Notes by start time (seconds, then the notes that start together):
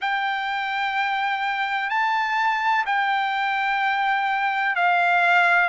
0.01 G5
1.89 A5
2.86 G5
4.75 F5